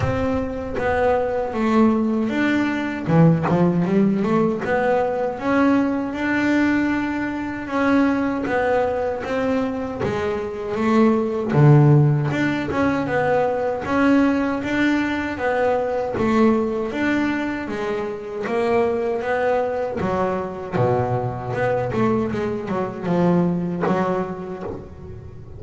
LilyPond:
\new Staff \with { instrumentName = "double bass" } { \time 4/4 \tempo 4 = 78 c'4 b4 a4 d'4 | e8 f8 g8 a8 b4 cis'4 | d'2 cis'4 b4 | c'4 gis4 a4 d4 |
d'8 cis'8 b4 cis'4 d'4 | b4 a4 d'4 gis4 | ais4 b4 fis4 b,4 | b8 a8 gis8 fis8 f4 fis4 | }